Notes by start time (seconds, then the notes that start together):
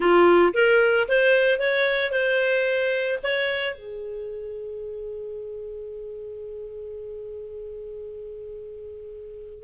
0.00 F4
0.53 A#4
1.08 C5
1.59 C#5
2.11 C5
3.23 C#5
3.75 G#4